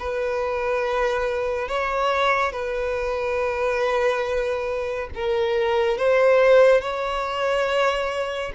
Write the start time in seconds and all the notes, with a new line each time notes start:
0.00 B4
1.69 C#5
2.53 B4
5.15 A#4
5.98 C5
6.81 C#5